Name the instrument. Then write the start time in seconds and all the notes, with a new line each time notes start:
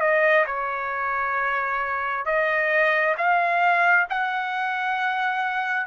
trumpet
0.00 D#5
0.46 C#5
2.25 D#5
3.17 F5
4.09 F#5